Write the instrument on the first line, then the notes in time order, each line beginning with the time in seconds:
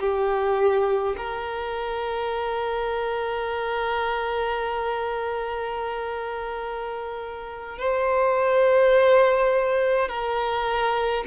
violin
0.00 G4
1.17 A#4
7.78 C5
10.09 A#4